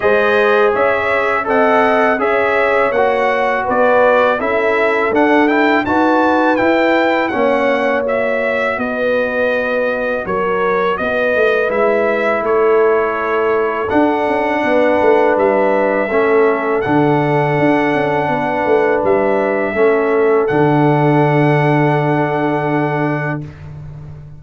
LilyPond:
<<
  \new Staff \with { instrumentName = "trumpet" } { \time 4/4 \tempo 4 = 82 dis''4 e''4 fis''4 e''4 | fis''4 d''4 e''4 fis''8 g''8 | a''4 g''4 fis''4 e''4 | dis''2 cis''4 dis''4 |
e''4 cis''2 fis''4~ | fis''4 e''2 fis''4~ | fis''2 e''2 | fis''1 | }
  \new Staff \with { instrumentName = "horn" } { \time 4/4 c''4 cis''4 dis''4 cis''4~ | cis''4 b'4 a'2 | b'2 cis''2 | b'2 ais'4 b'4~ |
b'4 a'2. | b'2 a'2~ | a'4 b'2 a'4~ | a'1 | }
  \new Staff \with { instrumentName = "trombone" } { \time 4/4 gis'2 a'4 gis'4 | fis'2 e'4 d'8 e'8 | fis'4 e'4 cis'4 fis'4~ | fis'1 |
e'2. d'4~ | d'2 cis'4 d'4~ | d'2. cis'4 | d'1 | }
  \new Staff \with { instrumentName = "tuba" } { \time 4/4 gis4 cis'4 c'4 cis'4 | ais4 b4 cis'4 d'4 | dis'4 e'4 ais2 | b2 fis4 b8 a8 |
gis4 a2 d'8 cis'8 | b8 a8 g4 a4 d4 | d'8 cis'8 b8 a8 g4 a4 | d1 | }
>>